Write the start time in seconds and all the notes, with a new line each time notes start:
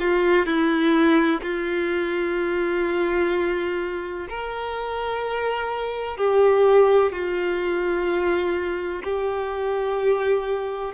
0.00 F4
0.46 E4
1.42 F4
4.29 A#4
6.17 G4
7.12 F4
9.03 G4